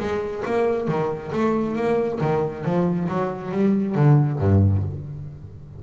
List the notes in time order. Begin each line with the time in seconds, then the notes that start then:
0.00 G#3
0.46 A#3
0.88 D#3
1.33 A3
1.76 A#3
2.21 D#3
2.65 F3
3.09 F#3
3.52 G3
3.95 D3
4.39 G2